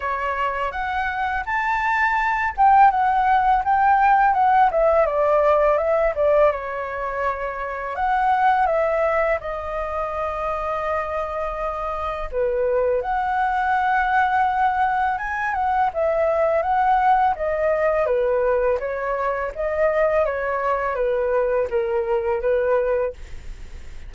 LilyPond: \new Staff \with { instrumentName = "flute" } { \time 4/4 \tempo 4 = 83 cis''4 fis''4 a''4. g''8 | fis''4 g''4 fis''8 e''8 d''4 | e''8 d''8 cis''2 fis''4 | e''4 dis''2.~ |
dis''4 b'4 fis''2~ | fis''4 gis''8 fis''8 e''4 fis''4 | dis''4 b'4 cis''4 dis''4 | cis''4 b'4 ais'4 b'4 | }